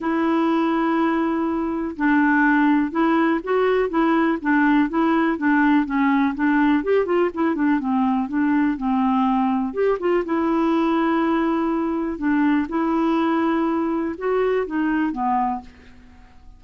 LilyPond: \new Staff \with { instrumentName = "clarinet" } { \time 4/4 \tempo 4 = 123 e'1 | d'2 e'4 fis'4 | e'4 d'4 e'4 d'4 | cis'4 d'4 g'8 f'8 e'8 d'8 |
c'4 d'4 c'2 | g'8 f'8 e'2.~ | e'4 d'4 e'2~ | e'4 fis'4 dis'4 b4 | }